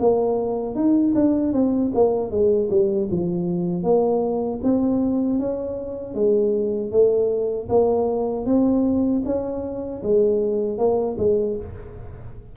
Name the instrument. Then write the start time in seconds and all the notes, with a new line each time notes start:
tuba
0.00 A#3
0.76 D#4
1.15 D4
1.53 C4
1.95 A#3
2.31 G#3
2.70 G3
3.11 F3
3.84 A#3
4.63 C4
5.40 C#4
6.15 G#3
6.91 A3
7.69 A#3
8.46 C4
9.26 C#4
10.03 G#3
10.78 A#3
11.18 G#3